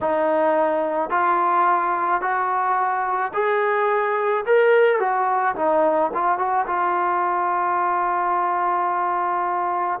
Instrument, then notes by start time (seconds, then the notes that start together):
trombone
0.01 D#4
1.10 F4
2.21 F#4
3.33 G#4
4.45 A#4
4.99 F#4
5.56 D#4
6.14 F4
6.37 F#4
6.66 F4